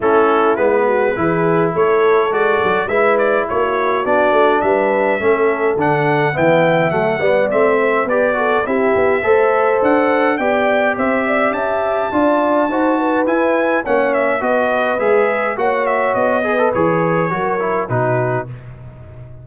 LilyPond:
<<
  \new Staff \with { instrumentName = "trumpet" } { \time 4/4 \tempo 4 = 104 a'4 b'2 cis''4 | d''4 e''8 d''8 cis''4 d''4 | e''2 fis''4 g''4 | fis''4 e''4 d''4 e''4~ |
e''4 fis''4 g''4 e''4 | a''2. gis''4 | fis''8 e''8 dis''4 e''4 fis''8 e''8 | dis''4 cis''2 b'4 | }
  \new Staff \with { instrumentName = "horn" } { \time 4/4 e'4. fis'8 gis'4 a'4~ | a'4 b'4 fis'2 | b'4 a'2 e''4~ | e''8 d''4 c''8 b'8 a'8 g'4 |
c''2 d''4 c''8 d''8 | e''4 d''4 c''8 b'4. | cis''4 b'2 cis''4~ | cis''8 b'4. ais'4 fis'4 | }
  \new Staff \with { instrumentName = "trombone" } { \time 4/4 cis'4 b4 e'2 | fis'4 e'2 d'4~ | d'4 cis'4 d'4 b4 | a8 b8 c'4 g'8 fis'8 e'4 |
a'2 g'2~ | g'4 f'4 fis'4 e'4 | cis'4 fis'4 gis'4 fis'4~ | fis'8 gis'16 a'16 gis'4 fis'8 e'8 dis'4 | }
  \new Staff \with { instrumentName = "tuba" } { \time 4/4 a4 gis4 e4 a4 | gis8 fis8 gis4 ais4 b8 a8 | g4 a4 d4 e4 | fis8 g8 a4 b4 c'8 b8 |
a4 d'4 b4 c'4 | cis'4 d'4 dis'4 e'4 | ais4 b4 gis4 ais4 | b4 e4 fis4 b,4 | }
>>